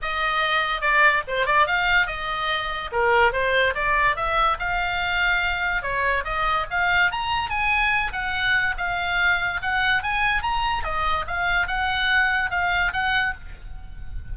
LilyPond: \new Staff \with { instrumentName = "oboe" } { \time 4/4 \tempo 4 = 144 dis''2 d''4 c''8 d''8 | f''4 dis''2 ais'4 | c''4 d''4 e''4 f''4~ | f''2 cis''4 dis''4 |
f''4 ais''4 gis''4. fis''8~ | fis''4 f''2 fis''4 | gis''4 ais''4 dis''4 f''4 | fis''2 f''4 fis''4 | }